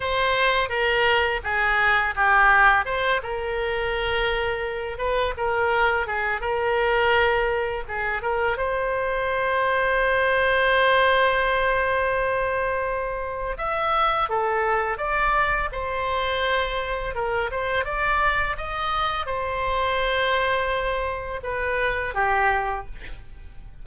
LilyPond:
\new Staff \with { instrumentName = "oboe" } { \time 4/4 \tempo 4 = 84 c''4 ais'4 gis'4 g'4 | c''8 ais'2~ ais'8 b'8 ais'8~ | ais'8 gis'8 ais'2 gis'8 ais'8 | c''1~ |
c''2. e''4 | a'4 d''4 c''2 | ais'8 c''8 d''4 dis''4 c''4~ | c''2 b'4 g'4 | }